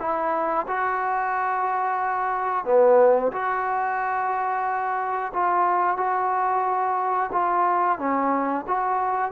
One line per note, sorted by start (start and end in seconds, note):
0.00 0.67 E4
0.68 2.65 F#4
2.65 3.32 B3
3.32 5.32 F#4
5.33 5.97 F4
5.97 7.30 F#4
7.32 7.98 F4
7.98 8.65 C#4
8.68 9.32 F#4